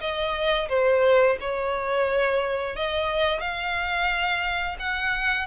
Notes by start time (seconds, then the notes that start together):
0.00 D#5
0.68 C5
1.40 C#5
2.76 D#5
3.40 F5
4.79 F#5